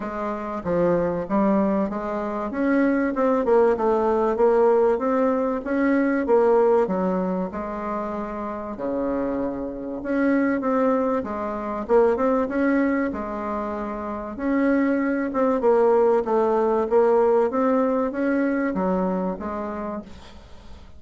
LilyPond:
\new Staff \with { instrumentName = "bassoon" } { \time 4/4 \tempo 4 = 96 gis4 f4 g4 gis4 | cis'4 c'8 ais8 a4 ais4 | c'4 cis'4 ais4 fis4 | gis2 cis2 |
cis'4 c'4 gis4 ais8 c'8 | cis'4 gis2 cis'4~ | cis'8 c'8 ais4 a4 ais4 | c'4 cis'4 fis4 gis4 | }